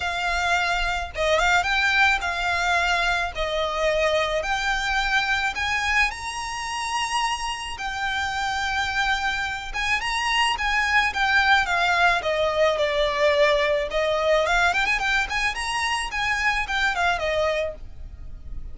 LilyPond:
\new Staff \with { instrumentName = "violin" } { \time 4/4 \tempo 4 = 108 f''2 dis''8 f''8 g''4 | f''2 dis''2 | g''2 gis''4 ais''4~ | ais''2 g''2~ |
g''4. gis''8 ais''4 gis''4 | g''4 f''4 dis''4 d''4~ | d''4 dis''4 f''8 g''16 gis''16 g''8 gis''8 | ais''4 gis''4 g''8 f''8 dis''4 | }